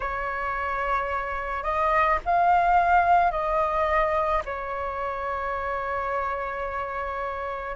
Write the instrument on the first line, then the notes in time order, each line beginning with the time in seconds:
flute
0.00 C#5
1.63 D#5
2.25 F5
3.31 D#5
4.44 C#5